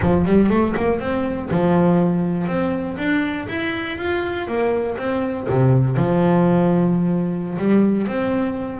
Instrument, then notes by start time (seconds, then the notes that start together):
double bass
0.01 F3
0.25 G3
0.49 A3
0.76 A#3
0.99 C4
1.51 F3
2.47 C4
2.97 D4
3.48 E4
3.97 F4
4.47 A#3
4.97 C4
5.49 C3
5.96 F3
7.58 G3
8.07 C4